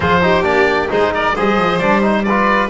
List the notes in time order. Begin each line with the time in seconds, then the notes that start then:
0.00 F3 F4 G#4 C5
0.21 D#4 G4
0.43 A#3 D4 D5
0.89 G#3 D#4 G#4 C5
1.14 A#4 D5
1.34 G3 G#4 C5 D#5
1.56 F3
1.78 G3 D4 D5
2.01 D#4 C5
2.23 B4 D5
2.29 F4